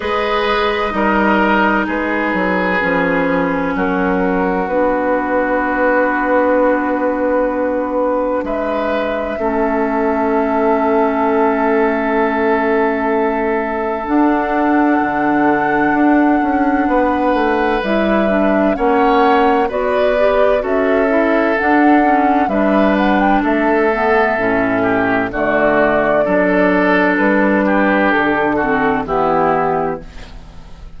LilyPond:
<<
  \new Staff \with { instrumentName = "flute" } { \time 4/4 \tempo 4 = 64 dis''2 b'2 | ais'4 b'2.~ | b'4 e''2.~ | e''2. fis''4~ |
fis''2. e''4 | fis''4 d''4 e''4 fis''4 | e''8 fis''16 g''16 e''2 d''4~ | d''4 b'4 a'4 g'4 | }
  \new Staff \with { instrumentName = "oboe" } { \time 4/4 b'4 ais'4 gis'2 | fis'1~ | fis'4 b'4 a'2~ | a'1~ |
a'2 b'2 | cis''4 b'4 a'2 | b'4 a'4. g'8 fis'4 | a'4. g'4 fis'8 e'4 | }
  \new Staff \with { instrumentName = "clarinet" } { \time 4/4 gis'4 dis'2 cis'4~ | cis'4 d'2.~ | d'2 cis'2~ | cis'2. d'4~ |
d'2. e'8 d'8 | cis'4 fis'8 g'8 fis'8 e'8 d'8 cis'8 | d'4. b8 cis'4 a4 | d'2~ d'8 c'8 b4 | }
  \new Staff \with { instrumentName = "bassoon" } { \time 4/4 gis4 g4 gis8 fis8 f4 | fis4 b2.~ | b4 gis4 a2~ | a2. d'4 |
d4 d'8 cis'8 b8 a8 g4 | ais4 b4 cis'4 d'4 | g4 a4 a,4 d4 | fis4 g4 d4 e4 | }
>>